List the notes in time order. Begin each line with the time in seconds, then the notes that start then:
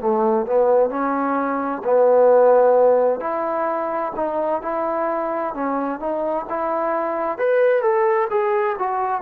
0.00 A3
0.46 B3
0.90 C#4
1.84 B3
3.20 E4
4.16 D#4
4.62 E4
5.54 C#4
6.00 D#4
6.50 E4
7.38 B4
7.82 A4
8.30 G#4
8.79 F#4